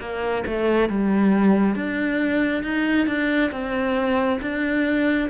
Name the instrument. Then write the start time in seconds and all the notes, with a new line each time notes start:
cello
0.00 A#3
0.47 A3
0.89 G3
1.75 D4
2.63 D#4
3.07 D4
3.51 C4
4.41 D4